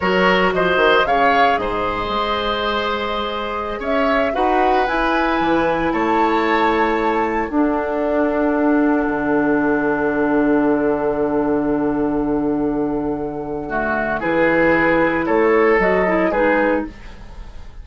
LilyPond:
<<
  \new Staff \with { instrumentName = "flute" } { \time 4/4 \tempo 4 = 114 cis''4 dis''4 f''4 dis''4~ | dis''2.~ dis''16 e''8.~ | e''16 fis''4 gis''2 a''8.~ | a''2~ a''16 fis''4.~ fis''16~ |
fis''1~ | fis''1~ | fis''2. b'4~ | b'4 cis''4 dis''4 b'4 | }
  \new Staff \with { instrumentName = "oboe" } { \time 4/4 ais'4 c''4 cis''4 c''4~ | c''2.~ c''16 cis''8.~ | cis''16 b'2. cis''8.~ | cis''2~ cis''16 a'4.~ a'16~ |
a'1~ | a'1~ | a'2 fis'4 gis'4~ | gis'4 a'2 gis'4 | }
  \new Staff \with { instrumentName = "clarinet" } { \time 4/4 fis'2 gis'2~ | gis'1~ | gis'16 fis'4 e'2~ e'8.~ | e'2~ e'16 d'4.~ d'16~ |
d'1~ | d'1~ | d'2 a4 e'4~ | e'2 fis'8 e'8 dis'4 | }
  \new Staff \with { instrumentName = "bassoon" } { \time 4/4 fis4 f8 dis8 cis4 gis,4 | gis2.~ gis16 cis'8.~ | cis'16 dis'4 e'4 e4 a8.~ | a2~ a16 d'4.~ d'16~ |
d'4~ d'16 d2~ d8.~ | d1~ | d2. e4~ | e4 a4 fis4 gis4 | }
>>